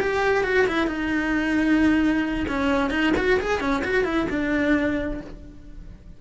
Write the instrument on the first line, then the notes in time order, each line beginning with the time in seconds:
cello
0.00 G4
0.44 F#4
0.68 E4
0.87 D#4
2.48 C#4
2.90 D#4
3.17 F#4
3.40 G#4
3.61 C#4
3.84 F#4
4.04 E4
4.30 D4